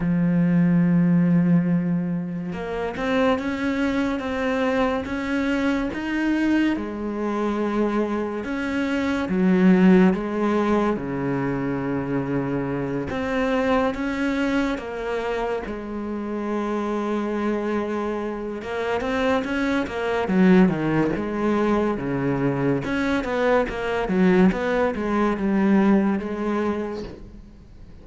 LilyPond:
\new Staff \with { instrumentName = "cello" } { \time 4/4 \tempo 4 = 71 f2. ais8 c'8 | cis'4 c'4 cis'4 dis'4 | gis2 cis'4 fis4 | gis4 cis2~ cis8 c'8~ |
c'8 cis'4 ais4 gis4.~ | gis2 ais8 c'8 cis'8 ais8 | fis8 dis8 gis4 cis4 cis'8 b8 | ais8 fis8 b8 gis8 g4 gis4 | }